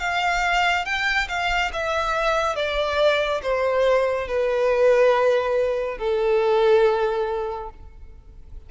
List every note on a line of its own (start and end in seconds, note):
0.00 0.85 F5
0.85 1.28 G5
1.29 1.71 F5
1.73 2.56 E5
2.56 3.41 D5
3.42 4.28 C5
4.28 5.98 B4
5.98 7.69 A4